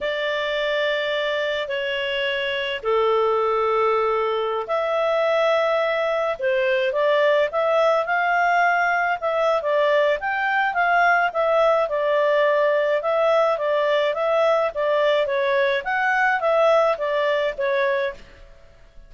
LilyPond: \new Staff \with { instrumentName = "clarinet" } { \time 4/4 \tempo 4 = 106 d''2. cis''4~ | cis''4 a'2.~ | a'16 e''2. c''8.~ | c''16 d''4 e''4 f''4.~ f''16~ |
f''16 e''8. d''4 g''4 f''4 | e''4 d''2 e''4 | d''4 e''4 d''4 cis''4 | fis''4 e''4 d''4 cis''4 | }